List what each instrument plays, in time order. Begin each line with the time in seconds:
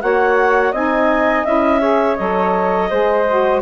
0.00 bassoon A#3, saxophone F#4, flute C#5, clarinet F#5
0.72 bassoon C4, saxophone D#4, flute D#5, clarinet G#5
1.45 bassoon C#4, saxophone E4, clarinet E5
1.80 saxophone G#4, flute C#5
2.16 bassoon F#3, saxophone A4, clarinet D#5
2.90 bassoon G#3, saxophone G#4, flute C5
3.28 saxophone F#4